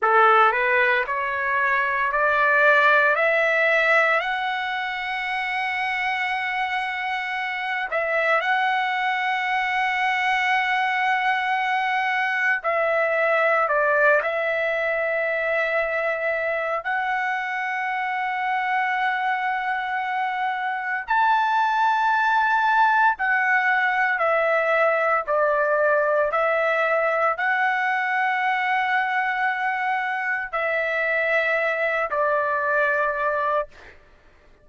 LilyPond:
\new Staff \with { instrumentName = "trumpet" } { \time 4/4 \tempo 4 = 57 a'8 b'8 cis''4 d''4 e''4 | fis''2.~ fis''8 e''8 | fis''1 | e''4 d''8 e''2~ e''8 |
fis''1 | a''2 fis''4 e''4 | d''4 e''4 fis''2~ | fis''4 e''4. d''4. | }